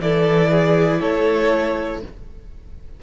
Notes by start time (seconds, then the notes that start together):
0.00 E3 E4 A4 D5
0.51 G#4
1.00 A3 A4 C#5